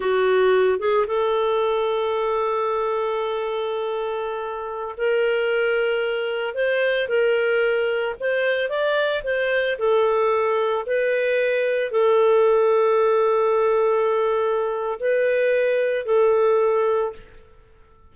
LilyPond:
\new Staff \with { instrumentName = "clarinet" } { \time 4/4 \tempo 4 = 112 fis'4. gis'8 a'2~ | a'1~ | a'4~ a'16 ais'2~ ais'8.~ | ais'16 c''4 ais'2 c''8.~ |
c''16 d''4 c''4 a'4.~ a'16~ | a'16 b'2 a'4.~ a'16~ | a'1 | b'2 a'2 | }